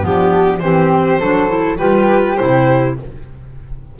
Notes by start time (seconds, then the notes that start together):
0.00 F3 B3 D4 G4
0.59 E3 C4 G4 C5
1.20 F#3 D4 A4
1.47 E4
1.78 G3 F4 G4 B4
2.36 C3 E4 C5